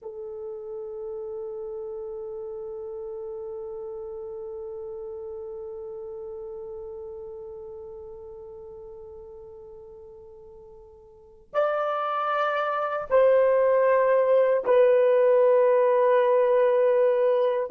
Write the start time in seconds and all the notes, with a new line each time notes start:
0.02 A4
11.53 D5
13.10 C5
14.64 B4